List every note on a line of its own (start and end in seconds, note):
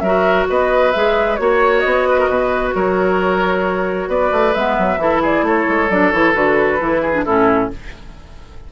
0.00 0.46 F#3
0.00 0.94 F#4
0.00 0.48 A#4
0.00 0.45 E5
0.50 0.95 B3
0.50 1.40 B4
0.50 0.92 D#5
0.92 1.39 G#3
0.92 1.39 G#4
0.92 1.36 E5
1.36 1.84 A#3
1.36 4.55 F#4
1.36 1.80 C#5
1.36 2.09 C#5
1.80 2.29 B3
1.80 2.70 D#5
2.09 2.19 B4
2.19 2.30 A#4
2.29 2.74 B2
2.29 2.75 B4
2.75 4.08 F#3
2.75 4.09 A#4
2.75 4.10 C#5
4.08 4.31 B3
4.08 5.00 B4
4.08 4.54 D5
4.32 4.55 A3
4.54 4.78 G#3
4.54 4.99 B3
4.54 5.22 E5
4.78 4.97 F#3
4.97 5.42 E3
4.97 5.89 E4
4.97 5.22 A4
5.22 5.45 G#4
5.22 5.47 D5
5.42 5.65 A3
5.42 7.02 A4
5.42 5.90 C#5
5.69 5.90 G#3
5.90 6.12 F#3
5.90 6.12 D4
5.90 6.11 D5
6.11 6.35 E3
6.11 6.34 E4
6.11 6.34 C#5
6.34 6.81 D3
6.34 6.80 F#4
6.34 7.25 B4
6.81 7.26 E3
6.81 7.14 E4
7.02 7.25 G#4
7.14 7.25 D4
7.25 7.72 A2
7.25 7.72 C#4
7.25 7.70 E4
7.25 7.70 A4